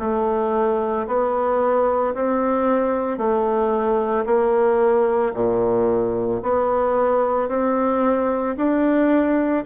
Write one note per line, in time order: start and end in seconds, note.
0.00 1.07 A3
1.08 2.15 B3
2.15 3.18 C4
3.18 4.25 A3
4.26 5.33 A#3
5.34 6.41 A#2
6.43 7.49 B3
7.49 8.56 C4
8.57 9.64 D4